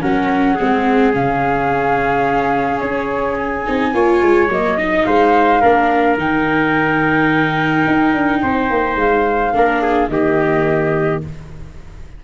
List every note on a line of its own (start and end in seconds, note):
0.00 0.58 F#3
0.00 0.56 C#4
0.00 0.54 A#4
0.00 1.13 F#5
0.54 1.15 G#3
0.54 1.13 C4
0.54 3.91 G#4
1.13 2.81 C#3
1.13 3.65 C#4
1.13 2.79 F5
2.79 3.65 C#4
2.79 3.36 C#5
3.37 4.49 G#5
3.66 3.93 C4
3.66 3.93 D#4
3.93 4.21 A#3
3.93 4.49 F4
3.93 4.77 C#5
4.21 4.48 G#3
4.48 5.04 F#3
4.48 4.78 A#3
4.48 5.04 D#5
4.77 5.62 D#4
4.77 5.05 D#5
5.04 5.62 G#3
5.04 5.61 C5
5.04 6.17 F5
5.61 6.17 A#3
5.61 6.18 D4
5.61 8.41 A#4
6.17 7.85 D#3
6.17 9.53 D#4
6.17 8.97 G5
7.87 8.13 D#4
8.13 8.41 D4
8.42 8.70 C4
8.42 9.54 C5
8.70 8.96 A#3
8.96 9.52 G#3
8.96 10.08 F5
9.53 10.08 A#3
9.53 10.09 D4
9.53 9.82 A#4
9.82 10.10 G#4
10.08 11.20 D#3
10.08 11.23 A#3
10.08 11.24 G4
10.08 11.20 D#5